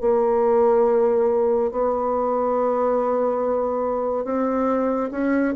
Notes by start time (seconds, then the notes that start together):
0.00 A#3
1.71 B3
4.24 C4
5.11 C#4